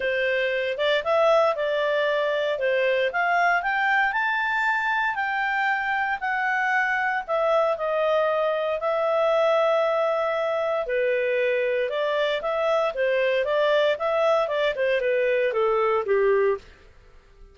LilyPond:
\new Staff \with { instrumentName = "clarinet" } { \time 4/4 \tempo 4 = 116 c''4. d''8 e''4 d''4~ | d''4 c''4 f''4 g''4 | a''2 g''2 | fis''2 e''4 dis''4~ |
dis''4 e''2.~ | e''4 b'2 d''4 | e''4 c''4 d''4 e''4 | d''8 c''8 b'4 a'4 g'4 | }